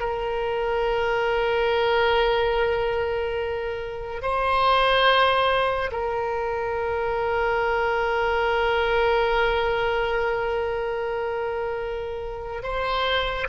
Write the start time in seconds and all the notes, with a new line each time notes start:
0.00 A#4
4.22 C5
5.92 A#4
12.63 C5